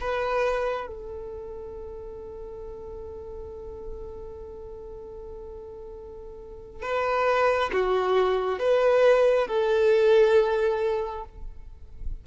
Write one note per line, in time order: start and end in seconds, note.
0.00 0.87 B4
0.87 6.82 A4
6.82 7.70 B4
7.72 8.59 F#4
8.59 9.47 B4
9.47 11.24 A4